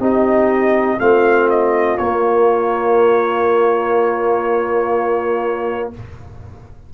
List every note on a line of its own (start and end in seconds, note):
0.00 0.99 C4
0.00 0.98 D#4
0.00 0.99 G4
0.00 1.00 D#5
0.99 1.99 A3
0.99 1.98 C4
0.99 5.92 F4
0.99 1.49 F5
1.50 1.98 D#5
1.98 5.93 A#3
1.98 5.94 A#3
1.98 5.91 C#5